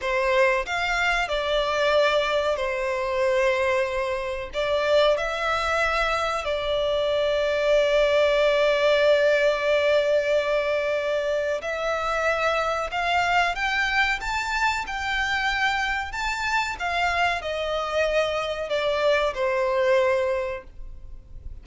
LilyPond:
\new Staff \with { instrumentName = "violin" } { \time 4/4 \tempo 4 = 93 c''4 f''4 d''2 | c''2. d''4 | e''2 d''2~ | d''1~ |
d''2 e''2 | f''4 g''4 a''4 g''4~ | g''4 a''4 f''4 dis''4~ | dis''4 d''4 c''2 | }